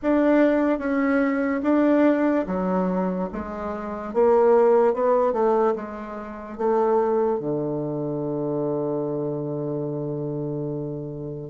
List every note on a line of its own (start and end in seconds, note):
0.02 0.78 D4
0.78 1.61 C#4
1.63 2.45 D4
2.47 3.29 F#3
3.32 4.13 G#3
4.13 4.93 A#3
4.93 5.32 B3
5.32 5.73 A3
5.75 6.57 G#3
6.57 7.39 A3
7.39 11.50 D3